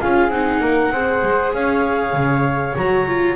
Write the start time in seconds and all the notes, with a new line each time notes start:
0.00 C#4 F4 G#4 F5
0.29 C4 D#4 F#5
0.60 A#3 A#4
0.90 C4 G#4 C5
1.22 G#3
1.53 C#4 C#5 F5
2.13 C#3
2.75 F#3 F#4 A#5
3.07 F4